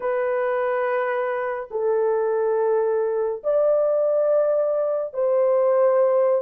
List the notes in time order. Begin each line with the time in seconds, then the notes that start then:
0.00 B4
1.71 A4
3.43 D5
5.14 C5